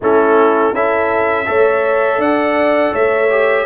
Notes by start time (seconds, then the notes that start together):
0.01 A3 C#4 E4 A4
0.72 C#4 E4 A4 E5
1.45 A3 A4 C#5
2.18 D4 D5 F#5
2.93 A3 C#5 E5
3.29 G4